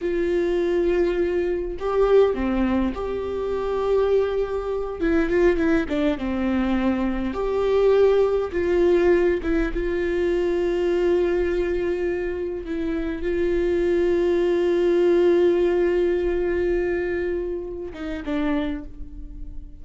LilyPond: \new Staff \with { instrumentName = "viola" } { \time 4/4 \tempo 4 = 102 f'2. g'4 | c'4 g'2.~ | g'8 e'8 f'8 e'8 d'8 c'4.~ | c'8 g'2 f'4. |
e'8 f'2.~ f'8~ | f'4. e'4 f'4.~ | f'1~ | f'2~ f'8 dis'8 d'4 | }